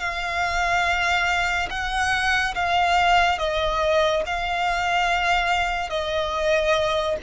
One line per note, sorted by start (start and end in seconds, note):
0.00 1.69 F5
1.70 2.55 F#5
2.55 3.38 F5
3.38 4.23 D#5
4.26 5.90 F5
5.90 7.17 D#5